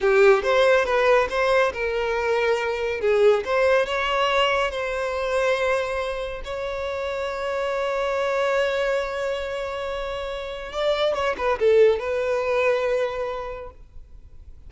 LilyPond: \new Staff \with { instrumentName = "violin" } { \time 4/4 \tempo 4 = 140 g'4 c''4 b'4 c''4 | ais'2. gis'4 | c''4 cis''2 c''4~ | c''2. cis''4~ |
cis''1~ | cis''1~ | cis''4 d''4 cis''8 b'8 a'4 | b'1 | }